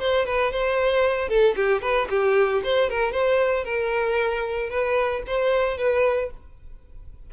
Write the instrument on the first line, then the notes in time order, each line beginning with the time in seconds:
violin
0.00 C5
0.26 B4
0.52 C5
1.29 A4
1.57 G4
1.82 B4
2.10 G4
2.64 C5
2.90 A#4
3.13 C5
3.65 A#4
4.70 B4
5.28 C5
5.78 B4